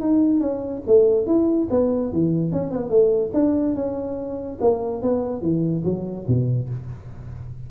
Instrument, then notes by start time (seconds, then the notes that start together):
tuba
0.00 D#4
0.40 C#4
0.87 A3
1.26 E4
1.70 B3
2.12 E3
2.52 C#4
2.71 B3
2.89 A3
3.34 D4
3.75 C#4
4.60 A#3
5.02 B3
5.41 E3
5.84 F#3
6.27 B2